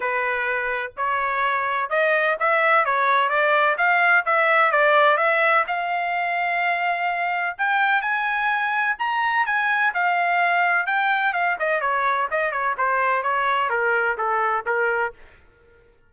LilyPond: \new Staff \with { instrumentName = "trumpet" } { \time 4/4 \tempo 4 = 127 b'2 cis''2 | dis''4 e''4 cis''4 d''4 | f''4 e''4 d''4 e''4 | f''1 |
g''4 gis''2 ais''4 | gis''4 f''2 g''4 | f''8 dis''8 cis''4 dis''8 cis''8 c''4 | cis''4 ais'4 a'4 ais'4 | }